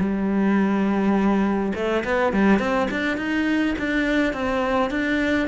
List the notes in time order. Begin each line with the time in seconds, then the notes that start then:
0.00 G3
1.75 A3
2.05 B3
2.33 G3
2.60 C4
2.91 D4
3.18 D#4
3.79 D4
4.34 C4
4.91 D4